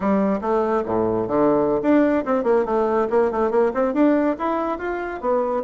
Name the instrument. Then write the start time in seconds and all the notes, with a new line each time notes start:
bassoon
0.00 G3
0.41 A3
0.85 A2
1.27 D3
1.81 D4
2.25 C4
2.43 A#3
2.65 A3
3.10 A#3
3.31 A3
3.50 A#3
3.74 C4
3.93 D4
4.38 E4
4.78 F4
5.20 B3